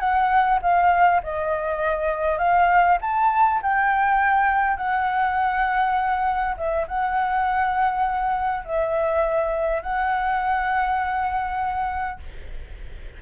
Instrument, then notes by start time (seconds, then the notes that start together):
flute
0.00 F#5
0.62 F5
1.24 D#5
2.39 F5
3.02 A5
3.63 G5
4.77 F#5
6.58 E5
6.88 F#5
8.65 E5
9.83 F#5